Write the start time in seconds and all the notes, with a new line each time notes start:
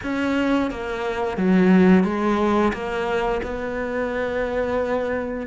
0.03 C#4
0.70 A#3
1.37 F#3
2.04 G#3
2.73 A#3
3.42 B3